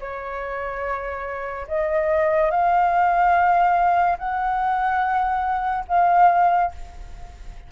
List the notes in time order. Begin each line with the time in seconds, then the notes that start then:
0.00 C#5
1.67 D#5
2.51 F5
4.18 F#5
5.88 F5